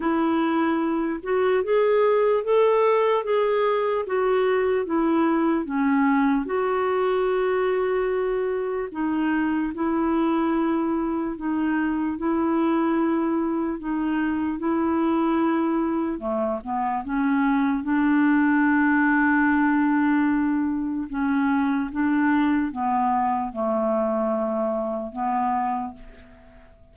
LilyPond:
\new Staff \with { instrumentName = "clarinet" } { \time 4/4 \tempo 4 = 74 e'4. fis'8 gis'4 a'4 | gis'4 fis'4 e'4 cis'4 | fis'2. dis'4 | e'2 dis'4 e'4~ |
e'4 dis'4 e'2 | a8 b8 cis'4 d'2~ | d'2 cis'4 d'4 | b4 a2 b4 | }